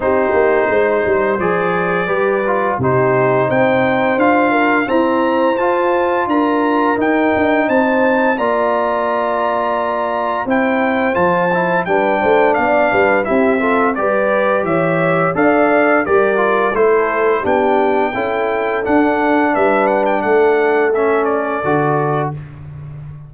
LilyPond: <<
  \new Staff \with { instrumentName = "trumpet" } { \time 4/4 \tempo 4 = 86 c''2 d''2 | c''4 g''4 f''4 ais''4 | a''4 ais''4 g''4 a''4 | ais''2. g''4 |
a''4 g''4 f''4 e''4 | d''4 e''4 f''4 d''4 | c''4 g''2 fis''4 | e''8 fis''16 g''16 fis''4 e''8 d''4. | }
  \new Staff \with { instrumentName = "horn" } { \time 4/4 g'4 c''2 b'4 | g'4 c''4. ais'8 c''4~ | c''4 ais'2 c''4 | d''2. c''4~ |
c''4 b'8 c''8 d''8 b'8 g'8 a'8 | b'4 cis''4 d''4 ais'4 | a'4 g'4 a'2 | b'4 a'2. | }
  \new Staff \with { instrumentName = "trombone" } { \time 4/4 dis'2 gis'4 g'8 f'8 | dis'2 f'4 c'4 | f'2 dis'2 | f'2. e'4 |
f'8 e'8 d'2 e'8 f'8 | g'2 a'4 g'8 f'8 | e'4 d'4 e'4 d'4~ | d'2 cis'4 fis'4 | }
  \new Staff \with { instrumentName = "tuba" } { \time 4/4 c'8 ais8 gis8 g8 f4 g4 | c4 c'4 d'4 e'4 | f'4 d'4 dis'8 d'8 c'4 | ais2. c'4 |
f4 g8 a8 b8 g8 c'4 | g4 e4 d'4 g4 | a4 b4 cis'4 d'4 | g4 a2 d4 | }
>>